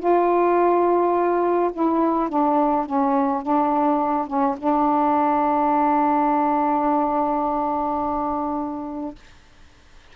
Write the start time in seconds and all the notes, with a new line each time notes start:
0.00 F4
1.73 E4
2.29 D4
2.86 C#4
3.42 D4
4.27 C#4
4.58 D4